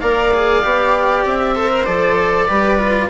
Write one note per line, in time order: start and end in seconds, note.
0.00 0.63 A#3
0.00 0.32 A#4
0.00 1.54 D5
0.00 1.24 F5
0.33 0.62 G#4
0.62 1.24 B3
0.62 1.55 G4
1.24 1.86 C4
1.24 1.85 E5
1.54 1.69 A4
1.54 2.46 C5
1.69 1.85 A#4
1.85 2.49 F3
1.85 2.47 A4
1.85 3.09 D5
2.46 3.09 G3
2.46 2.78 G4
2.46 3.08 B4
2.78 3.09 F4